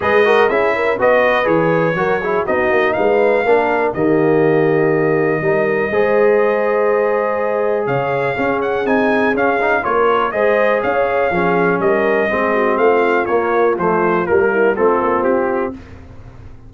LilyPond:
<<
  \new Staff \with { instrumentName = "trumpet" } { \time 4/4 \tempo 4 = 122 dis''4 e''4 dis''4 cis''4~ | cis''4 dis''4 f''2 | dis''1~ | dis''1 |
f''4. fis''8 gis''4 f''4 | cis''4 dis''4 f''2 | dis''2 f''4 cis''4 | c''4 ais'4 a'4 g'4 | }
  \new Staff \with { instrumentName = "horn" } { \time 4/4 b'8 ais'8 gis'8 ais'8 b'2 | ais'8 gis'8 fis'4 b'4 ais'4 | g'2. ais'4 | c''1 |
cis''4 gis'2. | ais'4 c''4 cis''4 gis'4 | ais'4 gis'8 fis'8 f'2~ | f'4. e'8 f'2 | }
  \new Staff \with { instrumentName = "trombone" } { \time 4/4 gis'8 fis'8 e'4 fis'4 gis'4 | fis'8 e'8 dis'2 d'4 | ais2. dis'4 | gis'1~ |
gis'4 cis'4 dis'4 cis'8 dis'8 | f'4 gis'2 cis'4~ | cis'4 c'2 ais4 | a4 ais4 c'2 | }
  \new Staff \with { instrumentName = "tuba" } { \time 4/4 gis4 cis'4 b4 e4 | fis4 b8 ais8 gis4 ais4 | dis2. g4 | gis1 |
cis4 cis'4 c'4 cis'4 | ais4 gis4 cis'4 f4 | g4 gis4 a4 ais4 | f4 g4 a8 ais8 c'4 | }
>>